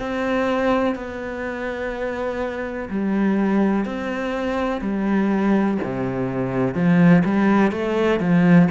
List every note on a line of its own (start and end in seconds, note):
0.00 0.95 C4
0.95 2.89 B3
2.90 3.85 G3
3.85 4.81 C4
4.81 5.78 G3
5.84 6.74 C3
6.74 7.23 F3
7.25 7.72 G3
7.72 8.20 A3
8.20 8.69 F3